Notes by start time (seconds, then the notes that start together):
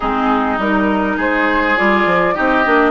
0.00 G#3 C4 D#4 G#4
0.58 G3 D#4 A#4
1.16 G#3 G#4 C5
1.76 G3 F4 D5
2.05 F3
2.34 C4 D#4 G4 D#5
2.64 A#3 D4